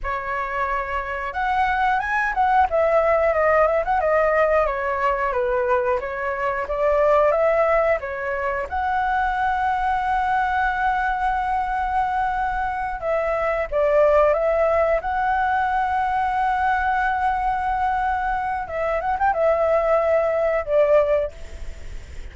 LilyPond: \new Staff \with { instrumentName = "flute" } { \time 4/4 \tempo 4 = 90 cis''2 fis''4 gis''8 fis''8 | e''4 dis''8 e''16 fis''16 dis''4 cis''4 | b'4 cis''4 d''4 e''4 | cis''4 fis''2.~ |
fis''2.~ fis''8 e''8~ | e''8 d''4 e''4 fis''4.~ | fis''1 | e''8 fis''16 g''16 e''2 d''4 | }